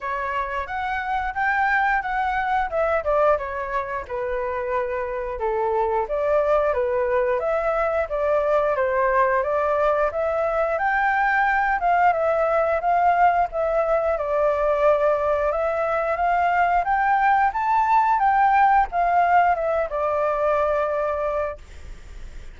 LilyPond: \new Staff \with { instrumentName = "flute" } { \time 4/4 \tempo 4 = 89 cis''4 fis''4 g''4 fis''4 | e''8 d''8 cis''4 b'2 | a'4 d''4 b'4 e''4 | d''4 c''4 d''4 e''4 |
g''4. f''8 e''4 f''4 | e''4 d''2 e''4 | f''4 g''4 a''4 g''4 | f''4 e''8 d''2~ d''8 | }